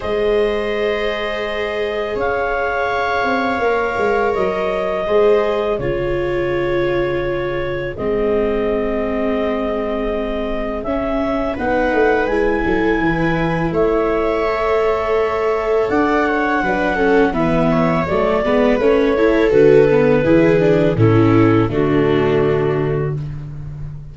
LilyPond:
<<
  \new Staff \with { instrumentName = "clarinet" } { \time 4/4 \tempo 4 = 83 dis''2. f''4~ | f''2 dis''2 | cis''2. dis''4~ | dis''2. e''4 |
fis''4 gis''2 e''4~ | e''2 fis''2 | e''4 d''4 cis''4 b'4~ | b'4 a'4 fis'2 | }
  \new Staff \with { instrumentName = "viola" } { \time 4/4 c''2. cis''4~ | cis''2. c''4 | gis'1~ | gis'1 |
b'4. a'8 b'4 cis''4~ | cis''2 d''8 cis''8 b'8 a'8 | b'8 cis''4 b'4 a'4. | gis'4 e'4 d'2 | }
  \new Staff \with { instrumentName = "viola" } { \time 4/4 gis'1~ | gis'4 ais'2 gis'4 | f'2. c'4~ | c'2. cis'4 |
dis'4 e'2. | a'2. d'8 cis'8 | b4 a8 b8 cis'8 e'8 fis'8 b8 | e'8 d'8 cis'4 a2 | }
  \new Staff \with { instrumentName = "tuba" } { \time 4/4 gis2. cis'4~ | cis'8 c'8 ais8 gis8 fis4 gis4 | cis2. gis4~ | gis2. cis'4 |
b8 a8 gis8 fis8 e4 a4~ | a2 d'4 fis4 | e4 fis8 gis8 a4 d4 | e4 a,4 d2 | }
>>